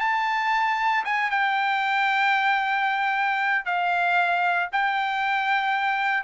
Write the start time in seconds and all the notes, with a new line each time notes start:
0.00 A5
1.05 G#5
1.31 G5
3.65 F5
4.72 G5